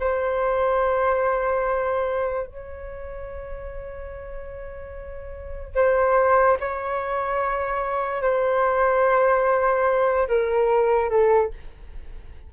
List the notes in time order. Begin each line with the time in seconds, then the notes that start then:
0.00 C5
2.47 C#5
5.75 C5
6.60 C#5
8.22 C5
10.28 A#4
11.10 A4